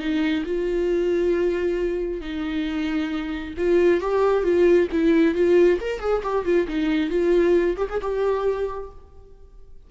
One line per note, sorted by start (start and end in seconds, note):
0.00 0.44 D#4
0.46 2.21 F4
2.21 3.55 D#4
3.58 4.01 F4
4.01 4.44 G4
4.44 4.88 F4
4.92 5.35 E4
5.35 5.80 F4
5.81 6.00 A#4
6.00 6.22 G#4
6.23 6.45 G4
6.45 6.67 F4
6.68 7.11 D#4
7.11 7.77 F4
7.77 7.88 G4
7.90 8.01 G#4
8.02 8.91 G4